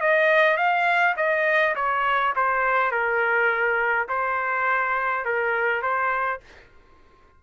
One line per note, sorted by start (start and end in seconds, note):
0.00 0.56 D#5
0.56 1.15 F5
1.16 1.74 D#5
1.75 2.33 C#5
2.35 2.91 C5
2.91 4.08 A#4
4.08 5.25 C5
5.25 5.82 A#4
5.82 6.40 C5